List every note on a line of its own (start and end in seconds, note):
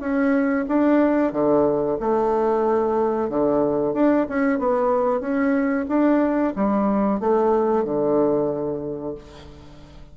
0.00 0.65 C#4
0.68 1.32 D4
1.32 1.97 D3
2.00 3.29 A3
3.29 3.93 D3
3.93 4.26 D4
4.29 4.59 C#4
4.59 5.20 B3
5.20 5.85 C#4
5.88 6.53 D4
6.55 7.20 G3
7.20 7.84 A3
7.84 9.15 D3